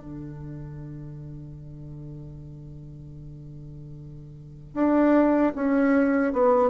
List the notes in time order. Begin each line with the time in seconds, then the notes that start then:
0.00 D3
4.74 D4
5.55 C#4
6.32 B3